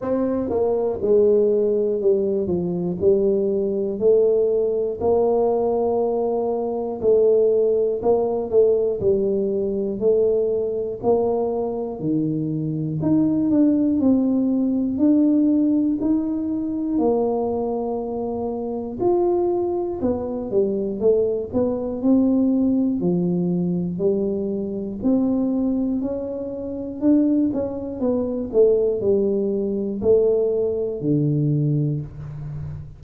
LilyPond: \new Staff \with { instrumentName = "tuba" } { \time 4/4 \tempo 4 = 60 c'8 ais8 gis4 g8 f8 g4 | a4 ais2 a4 | ais8 a8 g4 a4 ais4 | dis4 dis'8 d'8 c'4 d'4 |
dis'4 ais2 f'4 | b8 g8 a8 b8 c'4 f4 | g4 c'4 cis'4 d'8 cis'8 | b8 a8 g4 a4 d4 | }